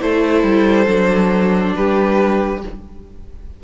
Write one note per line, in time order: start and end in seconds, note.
0.00 0.43 A3
0.00 0.87 E4
0.00 1.76 A4
0.00 1.75 C5
0.43 0.87 G3
0.87 1.74 F#3
0.87 2.61 D4
1.76 2.64 G3
1.76 2.63 G4
1.76 2.62 B4